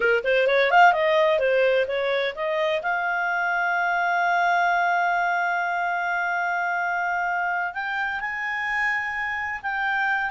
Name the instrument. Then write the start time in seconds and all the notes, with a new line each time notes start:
clarinet
0.00 A#4
0.24 C5
0.47 C#5
0.70 F5
0.92 D#5
1.39 C5
1.87 C#5
2.35 D#5
2.82 F5
7.74 G5
8.20 G#5
9.62 G5